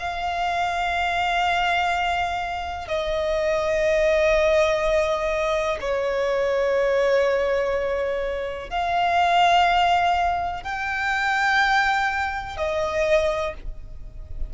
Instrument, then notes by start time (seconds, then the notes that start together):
violin
0.00 F5
2.88 D#5
5.81 C#5
8.71 F5
10.64 G5
12.58 D#5